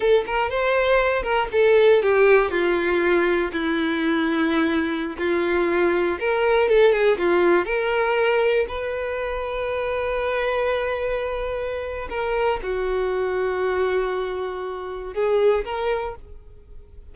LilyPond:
\new Staff \with { instrumentName = "violin" } { \time 4/4 \tempo 4 = 119 a'8 ais'8 c''4. ais'8 a'4 | g'4 f'2 e'4~ | e'2~ e'16 f'4.~ f'16~ | f'16 ais'4 a'8 gis'8 f'4 ais'8.~ |
ais'4~ ais'16 b'2~ b'8.~ | b'1 | ais'4 fis'2.~ | fis'2 gis'4 ais'4 | }